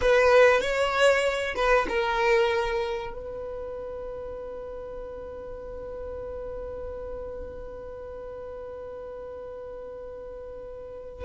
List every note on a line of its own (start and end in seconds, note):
0.01 0.61 B4
0.61 1.54 C#5
1.55 1.87 B4
1.88 3.12 A#4
3.12 11.24 B4